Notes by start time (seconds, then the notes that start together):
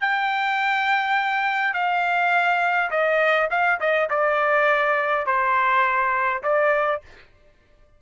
0.00 G5
1.73 F5
2.90 D#5
3.50 F5
3.80 D#5
4.09 D5
5.26 C5
6.43 D5